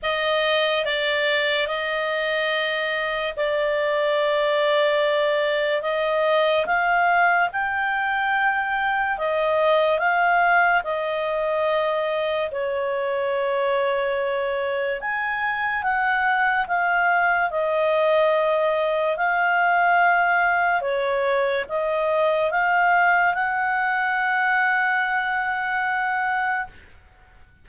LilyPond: \new Staff \with { instrumentName = "clarinet" } { \time 4/4 \tempo 4 = 72 dis''4 d''4 dis''2 | d''2. dis''4 | f''4 g''2 dis''4 | f''4 dis''2 cis''4~ |
cis''2 gis''4 fis''4 | f''4 dis''2 f''4~ | f''4 cis''4 dis''4 f''4 | fis''1 | }